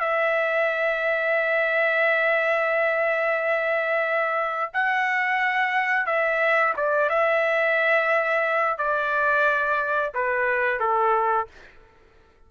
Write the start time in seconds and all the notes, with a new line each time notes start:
0.00 E5
4.73 F#5
6.07 E5
6.77 D5
7.09 E5
8.78 D5
10.14 B4
10.80 A4